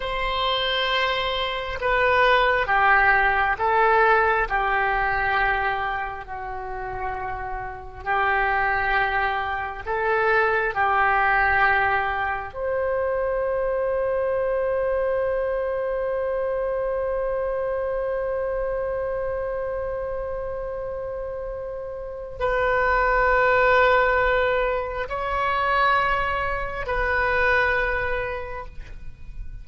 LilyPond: \new Staff \with { instrumentName = "oboe" } { \time 4/4 \tempo 4 = 67 c''2 b'4 g'4 | a'4 g'2 fis'4~ | fis'4 g'2 a'4 | g'2 c''2~ |
c''1~ | c''1~ | c''4 b'2. | cis''2 b'2 | }